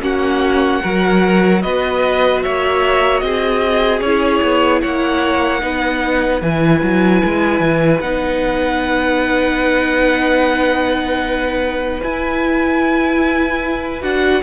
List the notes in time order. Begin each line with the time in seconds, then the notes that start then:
0.00 A#3 C#4 F#4 F#5
0.82 F#3 F#4 A#4
1.62 B3 B4 D#5
2.43 A#3 C#5 E5
3.20 C4 G#4 D#5
4.01 C#4 E4 C#5
4.43 B3
4.82 A#3 C#5 F#5
5.61 B3 D#4 B4
6.42 E3 E4 G#5
6.83 F#3
7.25 G#3
7.61 E3
8.01 B3 D#4 F#5
12.04 E4 G#5
14.02 D4 F#4 F#5